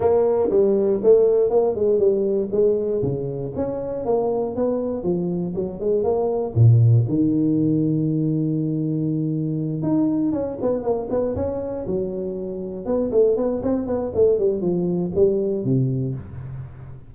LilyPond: \new Staff \with { instrumentName = "tuba" } { \time 4/4 \tempo 4 = 119 ais4 g4 a4 ais8 gis8 | g4 gis4 cis4 cis'4 | ais4 b4 f4 fis8 gis8 | ais4 ais,4 dis2~ |
dis2.~ dis8 dis'8~ | dis'8 cis'8 b8 ais8 b8 cis'4 fis8~ | fis4. b8 a8 b8 c'8 b8 | a8 g8 f4 g4 c4 | }